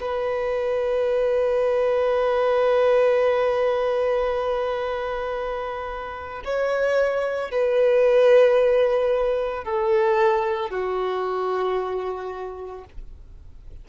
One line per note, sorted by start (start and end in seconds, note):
0.00 6.43 B4
6.44 7.51 C#5
7.51 9.64 B4
9.64 10.70 A4
10.70 12.84 F#4